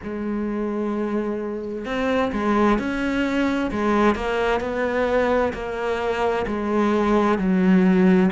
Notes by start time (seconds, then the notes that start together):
0.03 G#3
1.85 C4
2.32 G#3
2.78 C#4
3.71 G#3
4.15 A#3
4.60 B3
5.53 A#3
6.47 G#3
7.38 F#3